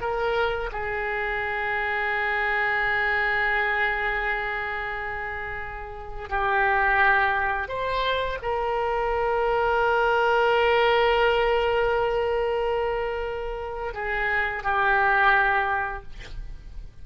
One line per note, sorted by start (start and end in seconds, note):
0.00 0.70 A#4
0.71 6.29 G#4
6.29 7.68 G4
7.68 8.38 C5
8.42 13.93 A#4
13.93 14.63 G#4
14.63 16.02 G4